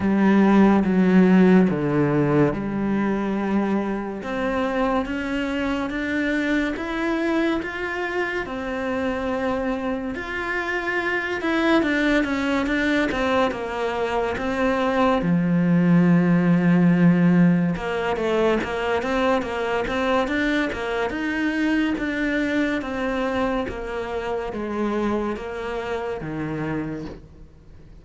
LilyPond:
\new Staff \with { instrumentName = "cello" } { \time 4/4 \tempo 4 = 71 g4 fis4 d4 g4~ | g4 c'4 cis'4 d'4 | e'4 f'4 c'2 | f'4. e'8 d'8 cis'8 d'8 c'8 |
ais4 c'4 f2~ | f4 ais8 a8 ais8 c'8 ais8 c'8 | d'8 ais8 dis'4 d'4 c'4 | ais4 gis4 ais4 dis4 | }